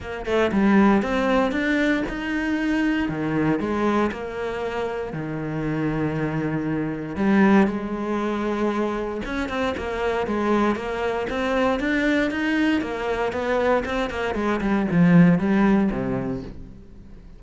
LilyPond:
\new Staff \with { instrumentName = "cello" } { \time 4/4 \tempo 4 = 117 ais8 a8 g4 c'4 d'4 | dis'2 dis4 gis4 | ais2 dis2~ | dis2 g4 gis4~ |
gis2 cis'8 c'8 ais4 | gis4 ais4 c'4 d'4 | dis'4 ais4 b4 c'8 ais8 | gis8 g8 f4 g4 c4 | }